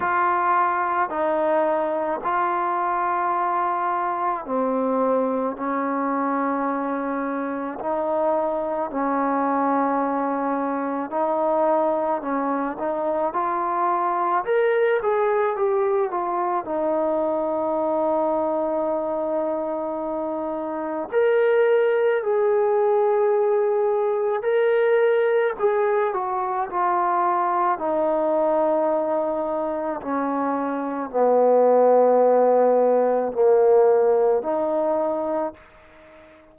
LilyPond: \new Staff \with { instrumentName = "trombone" } { \time 4/4 \tempo 4 = 54 f'4 dis'4 f'2 | c'4 cis'2 dis'4 | cis'2 dis'4 cis'8 dis'8 | f'4 ais'8 gis'8 g'8 f'8 dis'4~ |
dis'2. ais'4 | gis'2 ais'4 gis'8 fis'8 | f'4 dis'2 cis'4 | b2 ais4 dis'4 | }